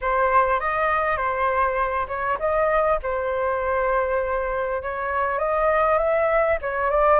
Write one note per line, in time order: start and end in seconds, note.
0.01 0.59 C5
0.59 1.16 D#5
1.16 2.06 C5
2.08 2.38 C#5
2.39 2.99 D#5
3.02 4.82 C5
4.82 5.38 C#5
5.38 5.98 D#5
5.98 6.58 E5
6.61 6.90 C#5
6.90 7.19 D5